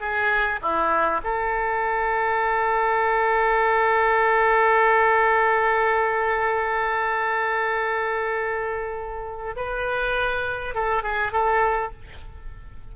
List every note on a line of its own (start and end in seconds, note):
0.00 0.59 G#4
0.62 1.21 E4
1.23 9.55 A4
9.56 10.74 B4
10.74 11.03 A4
11.03 11.32 G#4
11.32 11.92 A4